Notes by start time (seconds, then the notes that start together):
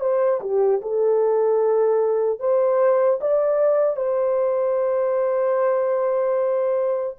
0.00 C5
0.40 G4
0.81 A4
2.39 C5
3.20 D5
3.96 C5